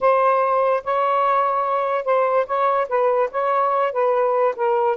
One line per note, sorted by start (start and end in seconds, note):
0.01 0.83 C5
0.84 2.04 C#5
2.04 2.46 C5
2.46 2.87 C#5
2.88 3.30 B4
3.31 3.92 C#5
3.92 4.54 B4
4.55 4.97 A#4